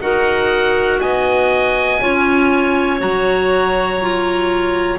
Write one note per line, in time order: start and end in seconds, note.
0.00 1.00 D#4
0.00 2.00 F#4
0.00 1.01 A#4
0.00 1.00 F#5
1.00 2.01 B3
1.00 2.01 D#5
1.00 3.00 G#5
2.00 3.01 C#4
2.00 2.99 F4
2.00 4.98 C#5
2.99 4.98 F#3
2.99 3.99 F#4
2.99 4.98 A#5
4.01 4.98 F4